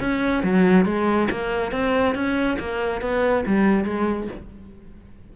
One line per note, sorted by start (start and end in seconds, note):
0.00 0.43 C#4
0.43 0.85 F#3
0.85 1.29 G#3
1.31 1.72 A#3
1.72 2.15 C4
2.15 2.58 C#4
2.59 3.01 A#3
3.01 3.45 B3
3.46 3.85 G3
3.85 4.28 G#3